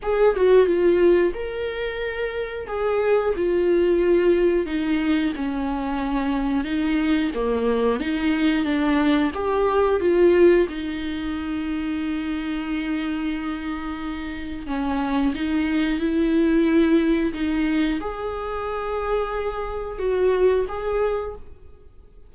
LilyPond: \new Staff \with { instrumentName = "viola" } { \time 4/4 \tempo 4 = 90 gis'8 fis'8 f'4 ais'2 | gis'4 f'2 dis'4 | cis'2 dis'4 ais4 | dis'4 d'4 g'4 f'4 |
dis'1~ | dis'2 cis'4 dis'4 | e'2 dis'4 gis'4~ | gis'2 fis'4 gis'4 | }